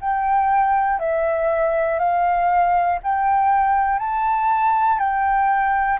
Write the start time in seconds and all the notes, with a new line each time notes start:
0.00 G5
0.99 E5
1.99 F5
3.03 G5
3.99 A5
4.99 G5